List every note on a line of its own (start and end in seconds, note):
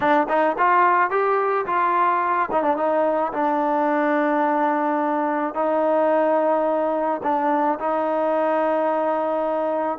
0.00 0.27 D4
0.28 0.56 D#4
0.58 1.10 F4
1.10 1.65 G4
1.65 2.49 F4
2.52 2.63 D#4
2.63 2.77 D4
2.77 3.32 D#4
3.32 5.54 D4
5.54 7.21 D#4
7.23 7.78 D4
7.79 9.98 D#4